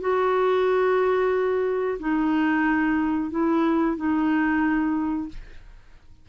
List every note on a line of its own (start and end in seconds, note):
0.00 1.98 F#4
1.99 3.30 D#4
3.30 3.96 E4
3.97 5.28 D#4